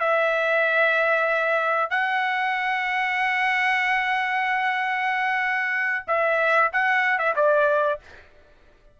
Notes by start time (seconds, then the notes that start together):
0.00 E5
1.90 F#5
6.08 E5
6.73 F#5
7.19 E5
7.36 D5